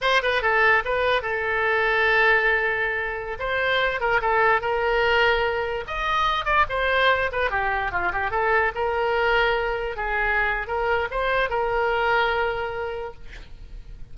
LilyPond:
\new Staff \with { instrumentName = "oboe" } { \time 4/4 \tempo 4 = 146 c''8 b'8 a'4 b'4 a'4~ | a'1~ | a'16 c''4. ais'8 a'4 ais'8.~ | ais'2~ ais'16 dis''4. d''16~ |
d''16 c''4. b'8 g'4 f'8 g'16~ | g'16 a'4 ais'2~ ais'8.~ | ais'16 gis'4.~ gis'16 ais'4 c''4 | ais'1 | }